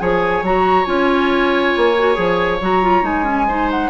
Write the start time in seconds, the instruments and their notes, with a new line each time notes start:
0.00 bassoon F3, clarinet G#4, oboe C#5, flute G#5
0.42 bassoon F#3, clarinet F#4, flute A#5
0.85 bassoon C#4, clarinet F4, flute G#5
1.76 bassoon A#3
1.98 clarinet F#4
2.14 bassoon F3, clarinet G#4
2.61 bassoon F#3, clarinet F#4, flute A#5
2.83 clarinet F4
3.02 bassoon G#3, clarinet D#4, flute G#5
3.24 clarinet C#4
3.48 clarinet D#4, oboe C5
3.71 flute F#5